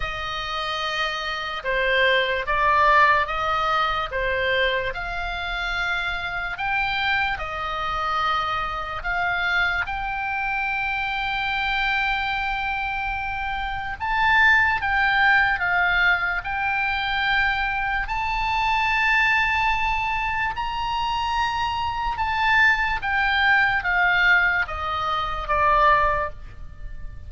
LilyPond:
\new Staff \with { instrumentName = "oboe" } { \time 4/4 \tempo 4 = 73 dis''2 c''4 d''4 | dis''4 c''4 f''2 | g''4 dis''2 f''4 | g''1~ |
g''4 a''4 g''4 f''4 | g''2 a''2~ | a''4 ais''2 a''4 | g''4 f''4 dis''4 d''4 | }